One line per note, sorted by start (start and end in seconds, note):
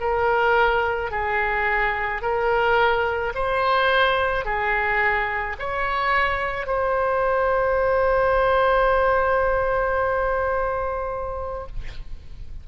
0.00 1.11 A#4
1.11 2.22 G#4
2.22 3.33 A#4
3.34 4.45 C5
4.45 5.56 G#4
5.59 6.66 C#5
6.66 11.66 C5